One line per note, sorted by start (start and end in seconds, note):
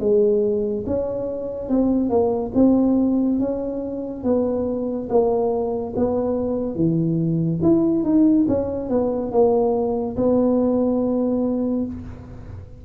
0.00 0.85 G#3
0.87 1.69 C#4
1.69 2.10 C4
2.10 2.52 A#3
2.55 3.40 C4
3.40 4.24 C#4
4.24 5.09 B3
5.10 5.94 A#3
5.96 6.76 B3
6.76 7.60 E3
7.63 8.04 E4
8.04 8.46 D#4
8.49 8.90 C#4
8.90 9.32 B3
9.32 10.16 A#3
10.17 11.86 B3